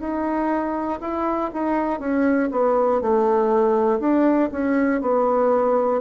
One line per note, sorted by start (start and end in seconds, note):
0.00 1.00 D#4
1.01 1.51 E4
1.54 2.00 D#4
2.00 2.50 C#4
2.52 3.01 B3
3.01 4.00 A3
4.00 4.50 D4
4.52 5.02 C#4
5.02 6.01 B3